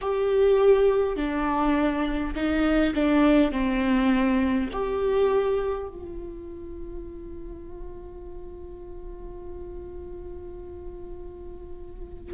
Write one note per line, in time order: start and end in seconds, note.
0.01 1.16 G4
1.16 2.34 D4
2.35 2.94 D#4
2.94 3.51 D4
3.51 4.69 C4
4.72 5.88 G4
5.88 12.33 F4